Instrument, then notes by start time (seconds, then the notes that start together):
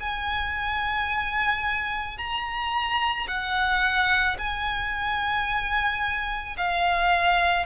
violin
0.00 G#5
2.18 A#5
3.28 F#5
4.38 G#5
6.58 F5